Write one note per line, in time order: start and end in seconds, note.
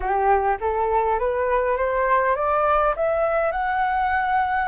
0.00 0.57 G4
0.60 1.19 A4
1.19 1.76 B4
1.76 2.35 C5
2.35 2.94 D5
2.95 3.51 E5
3.51 4.68 F#5